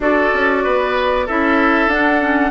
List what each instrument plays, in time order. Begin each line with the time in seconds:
0.00 bassoon D4, clarinet F#4, oboe A4, flute D5
0.33 bassoon C#4
0.63 bassoon B3, oboe B4
1.26 bassoon C#4, clarinet E4, oboe A4, flute E5
1.87 bassoon D4, clarinet D4, flute F#5
2.20 clarinet C#4